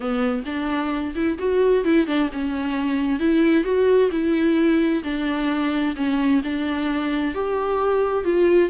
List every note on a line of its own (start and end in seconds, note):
0.00 0.43 B3
0.45 1.14 D4
1.15 1.38 E4
1.38 1.84 F#4
1.84 2.06 E4
2.06 2.29 D4
2.32 3.19 C#4
3.19 3.64 E4
3.64 4.10 F#4
4.11 5.02 E4
5.03 5.95 D4
5.95 6.41 C#4
6.44 7.34 D4
7.34 8.24 G4
8.24 8.70 F4